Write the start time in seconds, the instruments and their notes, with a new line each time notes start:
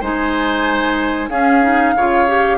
0.00 bassoon G#3, clarinet D#4, oboe C5, flute G#5
1.28 bassoon C#4, clarinet C#4, oboe G#4, flute F5
1.62 clarinet D#4
1.94 bassoon C#3, clarinet F4, oboe C#5
2.27 clarinet G4